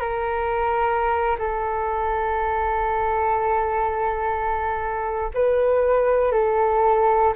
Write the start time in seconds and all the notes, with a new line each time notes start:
0.00 A#4
1.39 A4
5.34 B4
6.32 A4